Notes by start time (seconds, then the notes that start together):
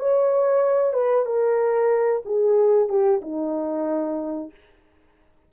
0.00 C#5
0.94 B4
1.26 A#4
2.26 G#4
2.89 G4
3.22 D#4